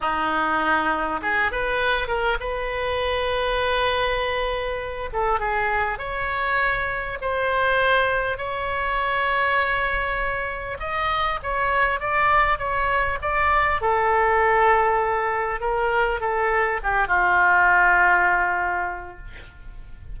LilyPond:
\new Staff \with { instrumentName = "oboe" } { \time 4/4 \tempo 4 = 100 dis'2 gis'8 b'4 ais'8 | b'1~ | b'8 a'8 gis'4 cis''2 | c''2 cis''2~ |
cis''2 dis''4 cis''4 | d''4 cis''4 d''4 a'4~ | a'2 ais'4 a'4 | g'8 f'2.~ f'8 | }